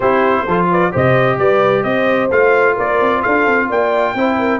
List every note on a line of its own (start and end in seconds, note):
0.00 0.46 C4
0.00 0.47 E4
0.00 0.45 G4
0.00 0.67 C5
0.46 0.92 F3
0.46 0.91 F4
0.46 0.69 A4
0.70 0.92 B4
0.70 0.95 D5
0.91 1.38 C3
0.91 2.30 G4
0.91 1.38 C5
0.91 1.38 D#5
1.38 1.84 G3
1.38 1.84 B4
1.38 1.83 D5
1.83 2.30 C4
1.83 2.75 C5
1.83 2.29 D#5
2.31 2.77 A3
2.31 4.16 F4
2.31 2.77 F5
2.75 3.00 A#3
2.75 3.21 A#4
2.75 3.22 D5
3.00 3.23 C4
3.21 3.46 D4
3.21 3.67 A4
3.21 3.68 F5
3.46 3.69 C4
3.69 4.14 A#3
3.69 4.15 D5
3.69 4.60 G5
4.14 4.60 C4
4.14 4.60 E4
4.14 4.39 C5
4.39 4.60 A#4